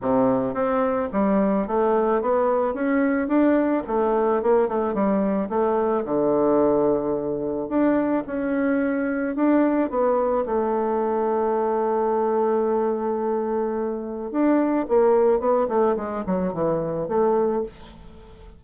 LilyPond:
\new Staff \with { instrumentName = "bassoon" } { \time 4/4 \tempo 4 = 109 c4 c'4 g4 a4 | b4 cis'4 d'4 a4 | ais8 a8 g4 a4 d4~ | d2 d'4 cis'4~ |
cis'4 d'4 b4 a4~ | a1~ | a2 d'4 ais4 | b8 a8 gis8 fis8 e4 a4 | }